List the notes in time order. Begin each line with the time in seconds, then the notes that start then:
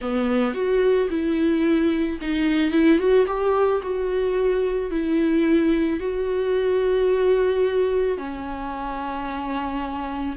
0.01 B3
0.54 F#4
1.10 E4
2.21 D#4
2.71 E4
2.99 F#4
3.26 G4
3.82 F#4
4.91 E4
6.00 F#4
8.17 C#4